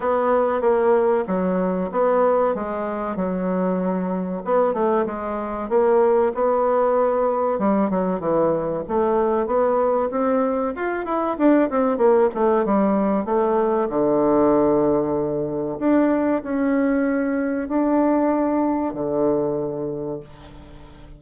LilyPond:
\new Staff \with { instrumentName = "bassoon" } { \time 4/4 \tempo 4 = 95 b4 ais4 fis4 b4 | gis4 fis2 b8 a8 | gis4 ais4 b2 | g8 fis8 e4 a4 b4 |
c'4 f'8 e'8 d'8 c'8 ais8 a8 | g4 a4 d2~ | d4 d'4 cis'2 | d'2 d2 | }